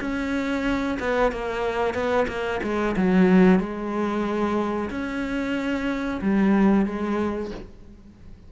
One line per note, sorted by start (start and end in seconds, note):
0.00 0.98 C#4
0.99 1.31 B3
1.31 1.94 A#3
1.94 2.26 B3
2.28 2.60 A#3
2.63 2.95 G#3
2.96 3.59 F#3
3.59 4.89 G#3
4.90 6.20 C#4
6.21 6.85 G3
6.85 7.51 G#3